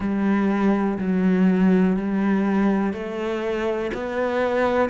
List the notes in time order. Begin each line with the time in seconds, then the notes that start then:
0.00 G3
0.98 F#3
1.96 G3
2.92 A3
3.93 B3